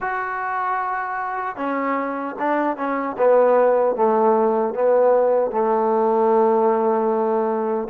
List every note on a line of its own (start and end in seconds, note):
0.00 1.56 F#4
1.56 2.35 C#4
2.39 2.76 D4
2.76 3.16 C#4
3.18 3.95 B3
3.95 4.74 A3
4.74 5.51 B3
5.51 7.88 A3